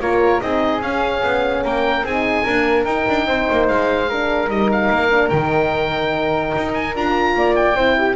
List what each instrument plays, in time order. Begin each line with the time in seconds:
0.00 double bass A#3, horn F4, flute A#4, oboe C#5
0.41 double bass C4, horn D#4, flute G#4, oboe D#5
0.81 double bass C#4, horn C#4, oboe F5
1.23 double bass B3
1.64 double bass A#3, flute A#4, oboe G5
2.03 double bass C4, horn D#4, flute G#4, oboe G#5
2.44 horn A#3, double bass D4, flute A#4
2.85 horn D#4, double bass D#4, oboe G5
3.09 double bass D4
3.26 double bass C4, flute C5
3.51 double bass A#3
3.69 double bass G#3, oboe F5
4.09 horn D4, flute A#4
4.48 double bass G3, horn D#4, oboe D#5
4.72 oboe F5
4.90 double bass A#3
5.10 horn D4
5.30 double bass D#3, horn D#4, oboe G5
6.57 double bass D#4
6.74 oboe G#5
6.96 double bass D4, horn F4, oboe A#5
7.35 double bass A#3, flute D5
7.56 oboe G5
7.75 double bass C4, horn E4, flute C5
7.98 flute G4